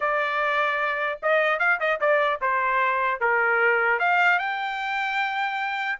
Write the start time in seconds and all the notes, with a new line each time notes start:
0.00 D5
1.22 D#5
1.59 F5
1.80 D#5
2.00 D5
2.41 C5
3.20 A#4
3.99 F5
4.39 G5